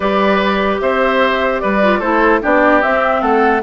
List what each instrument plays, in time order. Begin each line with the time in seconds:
0.00 bassoon G3, clarinet G4, oboe B4, flute D5
0.80 bassoon C4, oboe C5, flute E5
1.60 bassoon G3, oboe B4, flute D5
1.82 clarinet F4
1.99 bassoon A3, clarinet E4, oboe A4, flute C5
2.41 bassoon B3, clarinet D4, oboe G4, flute D5
2.81 clarinet C4, bassoon C4, flute E5
3.21 bassoon A3, oboe A4, flute F#5